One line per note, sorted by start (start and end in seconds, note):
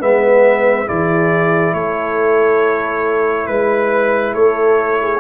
0.00 0.88 G#3
0.00 0.86 B3
0.00 0.87 B4
0.00 0.88 E5
0.86 1.74 E3
0.86 5.20 E4
0.86 1.75 G#4
0.86 1.74 D5
1.74 3.48 A3
1.74 3.49 A4
1.74 3.47 C#5
3.47 4.34 G#3
3.47 4.34 B4
3.47 4.35 B4
4.34 5.20 A3
4.34 5.00 A4
4.34 5.20 C#5
5.02 5.20 G#4